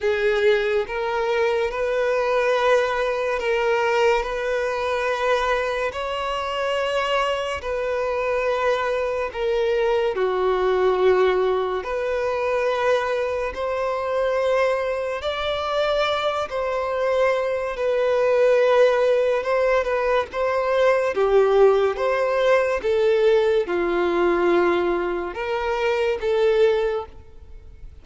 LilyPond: \new Staff \with { instrumentName = "violin" } { \time 4/4 \tempo 4 = 71 gis'4 ais'4 b'2 | ais'4 b'2 cis''4~ | cis''4 b'2 ais'4 | fis'2 b'2 |
c''2 d''4. c''8~ | c''4 b'2 c''8 b'8 | c''4 g'4 c''4 a'4 | f'2 ais'4 a'4 | }